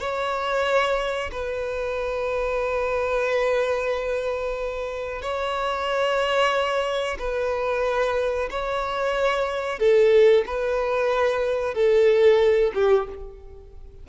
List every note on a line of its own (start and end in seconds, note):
0.00 1.30 C#5
1.32 5.22 B4
5.22 7.18 C#5
7.19 8.49 B4
8.50 9.79 C#5
9.79 10.45 A4
10.46 11.75 B4
11.75 12.72 A4
12.75 13.07 G4